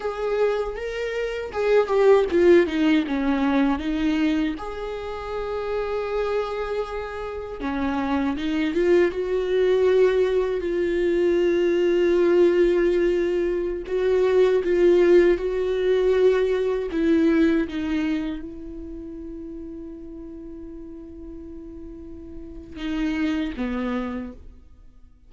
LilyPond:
\new Staff \with { instrumentName = "viola" } { \time 4/4 \tempo 4 = 79 gis'4 ais'4 gis'8 g'8 f'8 dis'8 | cis'4 dis'4 gis'2~ | gis'2 cis'4 dis'8 f'8 | fis'2 f'2~ |
f'2~ f'16 fis'4 f'8.~ | f'16 fis'2 e'4 dis'8.~ | dis'16 e'2.~ e'8.~ | e'2 dis'4 b4 | }